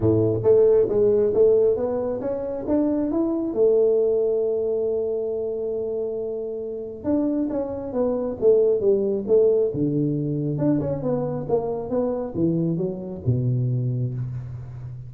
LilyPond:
\new Staff \with { instrumentName = "tuba" } { \time 4/4 \tempo 4 = 136 a,4 a4 gis4 a4 | b4 cis'4 d'4 e'4 | a1~ | a1 |
d'4 cis'4 b4 a4 | g4 a4 d2 | d'8 cis'8 b4 ais4 b4 | e4 fis4 b,2 | }